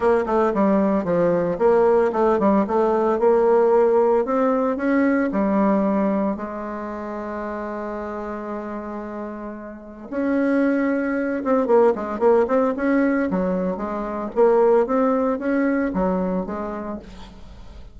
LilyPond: \new Staff \with { instrumentName = "bassoon" } { \time 4/4 \tempo 4 = 113 ais8 a8 g4 f4 ais4 | a8 g8 a4 ais2 | c'4 cis'4 g2 | gis1~ |
gis2. cis'4~ | cis'4. c'8 ais8 gis8 ais8 c'8 | cis'4 fis4 gis4 ais4 | c'4 cis'4 fis4 gis4 | }